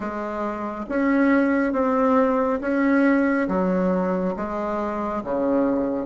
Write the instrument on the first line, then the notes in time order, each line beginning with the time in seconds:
bassoon
0.00 G#3
0.89 C#4
1.72 C4
2.60 C#4
3.47 F#3
4.36 G#3
5.23 C#3